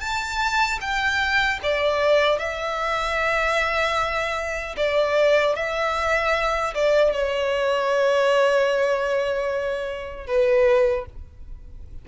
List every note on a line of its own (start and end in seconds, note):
0.00 0.79 A5
0.81 1.60 G5
1.63 2.39 D5
2.39 4.76 E5
4.77 5.56 D5
5.56 6.74 E5
6.75 7.13 D5
7.13 10.27 C#5
10.27 11.06 B4